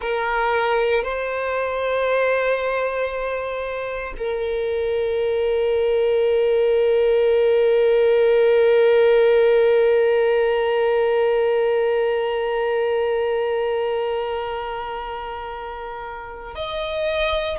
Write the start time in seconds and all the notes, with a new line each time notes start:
0.00 A#4
1.03 C5
4.17 A#4
16.55 D#5